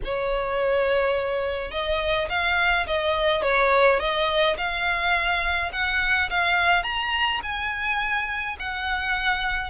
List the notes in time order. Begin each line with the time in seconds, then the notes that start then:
0.04 C#5
1.71 D#5
2.29 F5
2.86 D#5
3.42 C#5
3.99 D#5
4.57 F5
5.72 F#5
6.30 F5
6.83 A#5
7.42 G#5
8.59 F#5